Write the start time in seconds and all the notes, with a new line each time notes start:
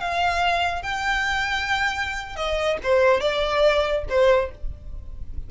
0.00 F5
0.82 G5
2.36 D#5
2.83 C5
3.21 D5
4.09 C5